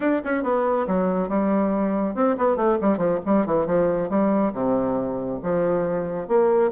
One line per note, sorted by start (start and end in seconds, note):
0.00 0.22 D4
0.24 0.43 C#4
0.43 0.86 B3
0.87 1.28 F#3
1.28 2.14 G3
2.14 2.36 C4
2.37 2.56 B3
2.56 2.77 A3
2.81 2.97 G3
2.97 3.19 F3
3.25 3.46 G3
3.46 3.66 E3
3.66 4.09 F3
4.09 4.52 G3
4.53 5.39 C3
5.42 6.27 F3
6.27 6.71 A#3